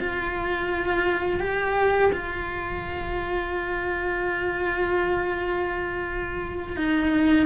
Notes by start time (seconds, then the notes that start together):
0.00 F4
1.40 G4
2.13 F4
6.77 D#4